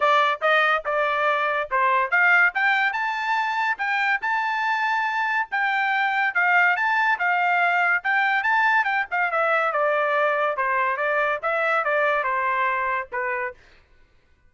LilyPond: \new Staff \with { instrumentName = "trumpet" } { \time 4/4 \tempo 4 = 142 d''4 dis''4 d''2 | c''4 f''4 g''4 a''4~ | a''4 g''4 a''2~ | a''4 g''2 f''4 |
a''4 f''2 g''4 | a''4 g''8 f''8 e''4 d''4~ | d''4 c''4 d''4 e''4 | d''4 c''2 b'4 | }